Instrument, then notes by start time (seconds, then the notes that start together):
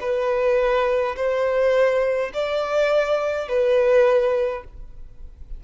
violin
0.00 B4
1.16 C5
2.33 D5
3.48 B4